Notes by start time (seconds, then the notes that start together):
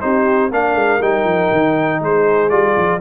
0.00 C4 D#4 G4 C5
0.51 A#3 D4 A#4 F5
0.74 G#3
1.00 G3 D#4 G5
1.24 F3
1.51 D#3
2.00 G#3 G#4 C5
2.49 G3 F4 D5
2.77 F3